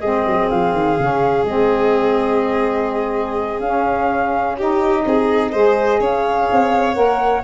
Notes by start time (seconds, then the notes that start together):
0.00 G#3 C4 G#4 D#5
0.26 F#3
0.49 F3 F5
0.72 D#3
0.99 C#3 C#4
1.43 G#3 C4 D#5
3.60 C#4 F5
4.57 D#4 G4 D#5
5.05 C4 G#4
5.51 G#3 G#4 C5
6.00 C#4 C#5 F5
6.52 C4
6.94 A#3 A#4 F#5